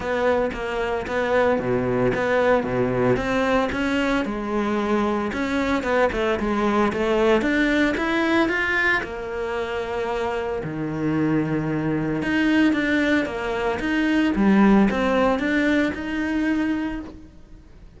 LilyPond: \new Staff \with { instrumentName = "cello" } { \time 4/4 \tempo 4 = 113 b4 ais4 b4 b,4 | b4 b,4 c'4 cis'4 | gis2 cis'4 b8 a8 | gis4 a4 d'4 e'4 |
f'4 ais2. | dis2. dis'4 | d'4 ais4 dis'4 g4 | c'4 d'4 dis'2 | }